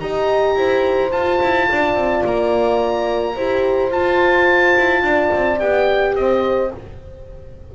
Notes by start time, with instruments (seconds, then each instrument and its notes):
0.00 double bass D#4, horn G4 D#5, oboe A#5
0.55 double bass E4, horn C5
1.11 horn F4, double bass F4, oboe A5
1.41 double bass E4
1.69 double bass D4, horn D5
1.95 double bass C4
2.24 double bass A#3, oboe A#5
3.35 double bass E4, horn G4 C5
3.90 double bass F4, horn F4, oboe A5
4.77 double bass E4
5.02 double bass D4, horn D5
5.33 double bass C4
5.59 double bass B3, horn G4, oboe G5
6.15 double bass C4, horn C5, oboe D#5